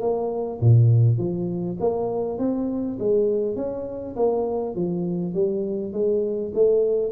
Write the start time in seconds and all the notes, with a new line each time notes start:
0.00 A#3
0.60 A#2
1.17 F3
1.80 A#3
2.38 C4
2.99 G#3
3.56 C#4
4.16 A#3
4.75 F3
5.34 G3
5.92 G#3
6.54 A3